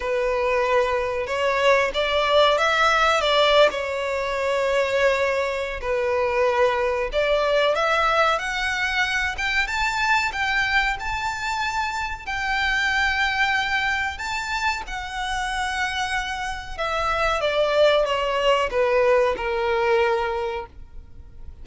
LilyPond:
\new Staff \with { instrumentName = "violin" } { \time 4/4 \tempo 4 = 93 b'2 cis''4 d''4 | e''4 d''8. cis''2~ cis''16~ | cis''4 b'2 d''4 | e''4 fis''4. g''8 a''4 |
g''4 a''2 g''4~ | g''2 a''4 fis''4~ | fis''2 e''4 d''4 | cis''4 b'4 ais'2 | }